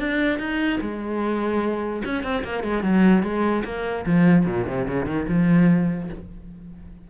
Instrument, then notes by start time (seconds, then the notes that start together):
cello
0.00 D4
0.39 D#4
0.81 G#3
2.05 C#4
2.24 C4
2.44 A#3
2.64 G#3
2.83 F#3
3.23 G#3
3.65 A#3
4.07 F3
4.46 A#2
4.68 C3
4.88 C#3
5.06 D#3
5.29 F3